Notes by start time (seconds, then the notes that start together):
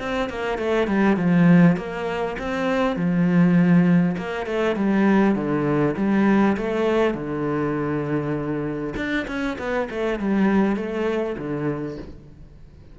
0.00 C4
0.30 A#3
0.58 A3
0.88 G3
1.17 F3
1.77 A#3
2.39 C4
2.96 F3
4.18 A#3
4.46 A3
4.76 G3
5.36 D3
5.97 G3
6.58 A3
7.15 D3
8.96 D4
9.28 C#4
9.59 B3
9.91 A3
10.20 G3
10.76 A3
11.38 D3